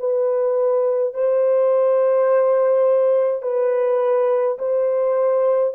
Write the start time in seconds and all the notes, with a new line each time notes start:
0.00 B4
1.14 C5
3.43 B4
4.59 C5